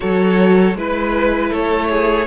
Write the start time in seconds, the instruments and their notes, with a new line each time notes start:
0.00 cello F#3, viola F#4, violin A4 C#5
0.75 cello G#3, viola E4, violin B4
1.50 cello A3, violin A4 C#5
1.90 violin G#4